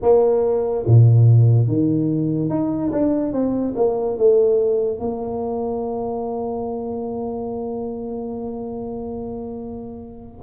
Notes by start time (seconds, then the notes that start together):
0.02 A#3
0.86 A#2
1.67 D#3
2.49 D#4
2.92 D4
3.32 C4
3.75 A#3
4.17 A3
4.98 A#3